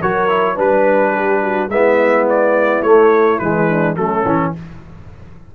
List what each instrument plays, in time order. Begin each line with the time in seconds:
0.00 tuba F#3, trombone F#4, horn A#4, trumpet C#5
0.28 trombone E4
0.54 tuba G3, trombone D4, horn B4, trumpet B4
1.13 horn G4
1.42 horn F#4
1.68 tuba G#3, trombone B3, horn E4, trumpet E5
2.29 trumpet D5
2.82 tuba A3, trombone A3, trumpet C#5
3.39 tuba E3, trombone G#3, trumpet B4
3.69 horn D4
3.96 tuba F#3, trombone A3, horn C#4, trumpet A4
4.25 tuba E3, trombone C#4